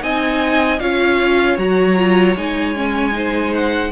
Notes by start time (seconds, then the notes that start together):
0.00 C4 D#4 D#5 G#5
0.79 C#4 F4 C#5 F5
1.58 F#3 F#4 A#5
1.96 F4
2.36 G#3 D#4 G#5
2.75 C#4
3.12 D#4 C5
3.54 F#5